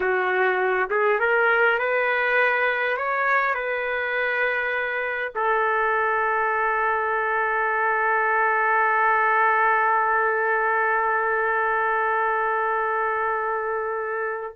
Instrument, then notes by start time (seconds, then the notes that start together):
trumpet
0.00 F#4
0.90 G#4
1.19 A#4
1.78 B4
2.97 C#5
3.54 B4
5.35 A4